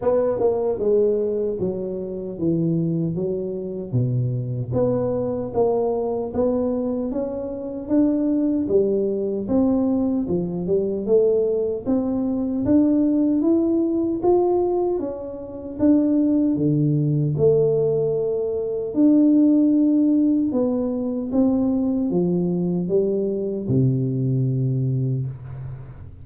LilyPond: \new Staff \with { instrumentName = "tuba" } { \time 4/4 \tempo 4 = 76 b8 ais8 gis4 fis4 e4 | fis4 b,4 b4 ais4 | b4 cis'4 d'4 g4 | c'4 f8 g8 a4 c'4 |
d'4 e'4 f'4 cis'4 | d'4 d4 a2 | d'2 b4 c'4 | f4 g4 c2 | }